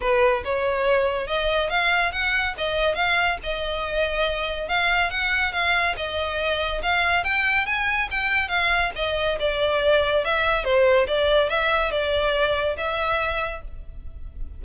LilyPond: \new Staff \with { instrumentName = "violin" } { \time 4/4 \tempo 4 = 141 b'4 cis''2 dis''4 | f''4 fis''4 dis''4 f''4 | dis''2. f''4 | fis''4 f''4 dis''2 |
f''4 g''4 gis''4 g''4 | f''4 dis''4 d''2 | e''4 c''4 d''4 e''4 | d''2 e''2 | }